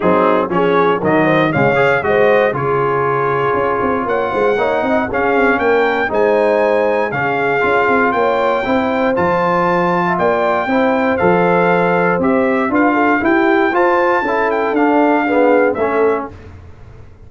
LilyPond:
<<
  \new Staff \with { instrumentName = "trumpet" } { \time 4/4 \tempo 4 = 118 gis'4 cis''4 dis''4 f''4 | dis''4 cis''2. | fis''2 f''4 g''4 | gis''2 f''2 |
g''2 a''2 | g''2 f''2 | e''4 f''4 g''4 a''4~ | a''8 g''8 f''2 e''4 | }
  \new Staff \with { instrumentName = "horn" } { \time 4/4 dis'4 gis'4 ais'8 c''8 cis''4 | c''4 gis'2. | cis''8 c''8 cis''8 dis''8 gis'4 ais'4 | c''2 gis'2 |
cis''4 c''2~ c''8. e''16 | d''4 c''2.~ | c''4 b'8 a'8 g'4 c''4 | a'2 gis'4 a'4 | }
  \new Staff \with { instrumentName = "trombone" } { \time 4/4 c'4 cis'4 fis4 gis8 gis'8 | fis'4 f'2.~ | f'4 dis'4 cis'2 | dis'2 cis'4 f'4~ |
f'4 e'4 f'2~ | f'4 e'4 a'2 | g'4 f'4 e'4 f'4 | e'4 d'4 b4 cis'4 | }
  \new Staff \with { instrumentName = "tuba" } { \time 4/4 fis4 f4 dis4 cis4 | gis4 cis2 cis'8 c'8 | ais8 gis8 ais8 c'8 cis'8 c'8 ais4 | gis2 cis4 cis'8 c'8 |
ais4 c'4 f2 | ais4 c'4 f2 | c'4 d'4 e'4 f'4 | cis'4 d'2 a4 | }
>>